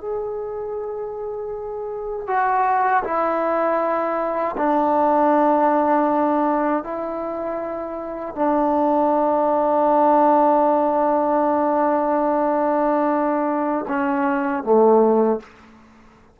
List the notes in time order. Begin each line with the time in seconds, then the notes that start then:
0.00 G#4
2.28 F#4
3.04 E4
4.57 D4
6.84 E4
8.35 D4
13.88 C#4
14.64 A3